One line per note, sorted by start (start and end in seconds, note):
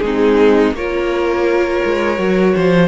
0.00 0.73 G#3
0.00 0.76 C4
0.00 0.76 D#4
0.00 0.71 G#4
0.73 1.80 A#3
0.73 2.17 F4
0.73 2.55 A#4
0.73 2.89 C#5
1.85 2.18 G#3
2.17 2.54 F#3
2.17 2.89 F#4
2.56 2.89 F3
2.56 2.89 C5